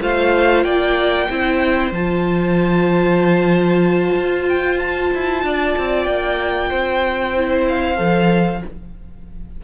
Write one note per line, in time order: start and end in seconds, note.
0.00 0.65 A3
0.00 1.28 F4
0.00 0.64 C5
0.00 0.64 F5
0.64 1.28 A#3
0.64 1.28 D5
0.64 1.91 G5
1.29 1.91 C4
1.29 1.93 E4
1.29 5.45 C5
1.91 4.15 F3
1.91 7.37 F4
1.91 4.48 A5
4.16 5.11 F4
4.48 4.79 G5
4.79 6.03 A5
5.14 5.43 E4
5.43 5.75 D4
5.43 6.70 D5
5.78 6.07 C4
6.03 6.71 A#3
6.03 7.63 G5
6.70 7.98 C4
6.70 8.61 C5
7.37 7.97 E4
7.68 8.64 F5
7.97 8.62 F3
7.97 8.61 A4